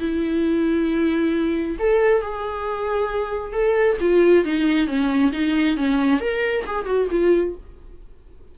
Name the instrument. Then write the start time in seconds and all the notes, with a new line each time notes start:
viola
0.00 E4
1.79 A4
2.22 G#4
3.53 A4
4.01 F4
4.45 D#4
4.87 C#4
5.33 D#4
5.77 C#4
6.21 A#4
6.67 G#4
6.86 F#4
7.11 F4